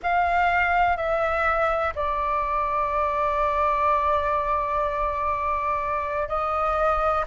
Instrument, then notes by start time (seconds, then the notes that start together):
flute
0.03 F5
0.97 E5
1.95 D5
6.28 D#5